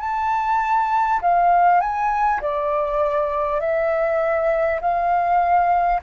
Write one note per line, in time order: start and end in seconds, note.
0.00 1.20 A5
1.21 1.81 F5
1.81 2.41 G#5
2.41 3.60 D5
3.60 4.80 E5
4.81 6.01 F5